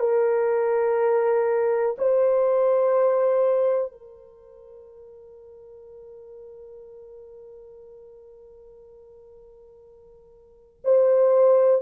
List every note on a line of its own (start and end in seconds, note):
0.00 1.97 A#4
1.99 3.93 C5
3.93 10.81 A#4
10.85 11.82 C5